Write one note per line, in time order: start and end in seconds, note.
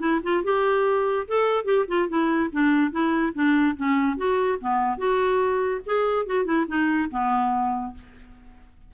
0.00 0.21 E4
0.23 0.44 F4
0.44 1.28 G4
1.28 1.65 A4
1.65 1.86 G4
1.88 2.09 F4
2.09 2.51 E4
2.53 2.92 D4
2.92 3.33 E4
3.35 3.77 D4
3.77 4.17 C#4
4.17 4.59 F#4
4.61 4.98 B3
4.98 5.82 F#4
5.86 6.27 G#4
6.27 6.45 F#4
6.45 6.66 E4
6.68 7.10 D#4
7.11 7.95 B3